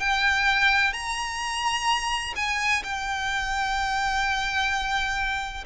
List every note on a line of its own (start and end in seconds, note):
0.00 0.93 G5
0.93 2.34 A#5
2.36 2.83 G#5
2.83 5.65 G5